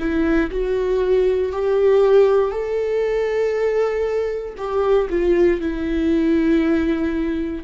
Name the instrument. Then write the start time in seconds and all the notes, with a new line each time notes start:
viola
0.00 E4
0.51 F#4
1.53 G4
2.51 A4
4.58 G4
5.10 F4
5.61 E4